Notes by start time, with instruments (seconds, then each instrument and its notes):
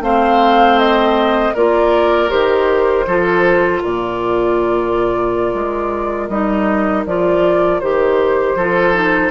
0.00 bassoon A3, clarinet C4, oboe C5, flute F5
0.78 flute D#5
1.53 bassoon A#3, clarinet F4, oboe A#4, flute D5
2.28 bassoon D#3, clarinet G4, flute C5
3.06 bassoon F3, clarinet F4, oboe A4
3.82 bassoon A#2, oboe A#4, flute D5
5.54 bassoon G#3
6.28 bassoon G3, clarinet D#4, flute D#5
7.05 bassoon F3, clarinet F4, flute D5
7.80 bassoon D#3, clarinet G4, flute C5
8.55 bassoon F3, clarinet F4, oboe A4
8.93 clarinet D#4